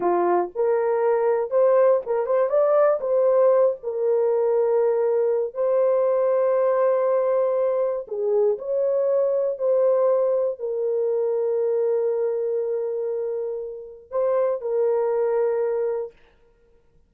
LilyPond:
\new Staff \with { instrumentName = "horn" } { \time 4/4 \tempo 4 = 119 f'4 ais'2 c''4 | ais'8 c''8 d''4 c''4. ais'8~ | ais'2. c''4~ | c''1 |
gis'4 cis''2 c''4~ | c''4 ais'2.~ | ais'1 | c''4 ais'2. | }